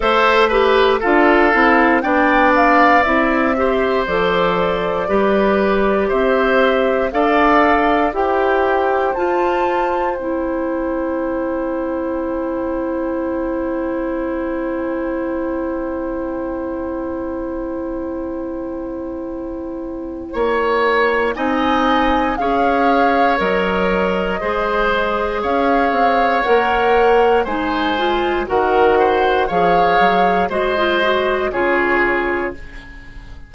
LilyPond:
<<
  \new Staff \with { instrumentName = "flute" } { \time 4/4 \tempo 4 = 59 e''4 f''4 g''8 f''8 e''4 | d''2 e''4 f''4 | g''4 a''4 g''2~ | g''1~ |
g''1~ | g''4 gis''4 f''4 dis''4~ | dis''4 f''4 fis''4 gis''4 | fis''4 f''4 dis''4 cis''4 | }
  \new Staff \with { instrumentName = "oboe" } { \time 4/4 c''8 b'8 a'4 d''4. c''8~ | c''4 b'4 c''4 d''4 | c''1~ | c''1~ |
c''1 | cis''4 dis''4 cis''2 | c''4 cis''2 c''4 | ais'8 c''8 cis''4 c''4 gis'4 | }
  \new Staff \with { instrumentName = "clarinet" } { \time 4/4 a'8 g'8 f'8 e'8 d'4 e'8 g'8 | a'4 g'2 a'4 | g'4 f'4 e'2~ | e'1~ |
e'1~ | e'4 dis'4 gis'4 ais'4 | gis'2 ais'4 dis'8 f'8 | fis'4 gis'4 fis'16 f'16 fis'8 f'4 | }
  \new Staff \with { instrumentName = "bassoon" } { \time 4/4 a4 d'8 c'8 b4 c'4 | f4 g4 c'4 d'4 | e'4 f'4 c'2~ | c'1~ |
c'1 | ais4 c'4 cis'4 fis4 | gis4 cis'8 c'8 ais4 gis4 | dis4 f8 fis8 gis4 cis4 | }
>>